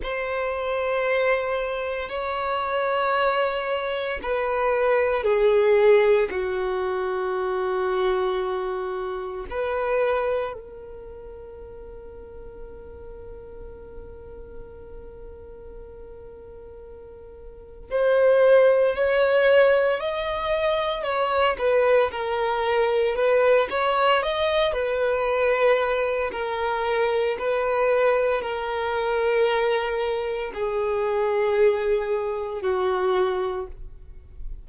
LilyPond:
\new Staff \with { instrumentName = "violin" } { \time 4/4 \tempo 4 = 57 c''2 cis''2 | b'4 gis'4 fis'2~ | fis'4 b'4 ais'2~ | ais'1~ |
ais'4 c''4 cis''4 dis''4 | cis''8 b'8 ais'4 b'8 cis''8 dis''8 b'8~ | b'4 ais'4 b'4 ais'4~ | ais'4 gis'2 fis'4 | }